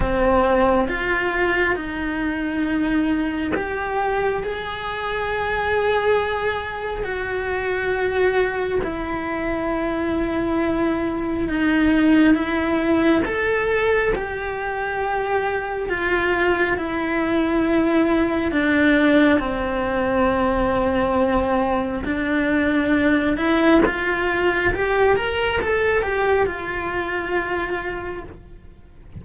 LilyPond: \new Staff \with { instrumentName = "cello" } { \time 4/4 \tempo 4 = 68 c'4 f'4 dis'2 | g'4 gis'2. | fis'2 e'2~ | e'4 dis'4 e'4 a'4 |
g'2 f'4 e'4~ | e'4 d'4 c'2~ | c'4 d'4. e'8 f'4 | g'8 ais'8 a'8 g'8 f'2 | }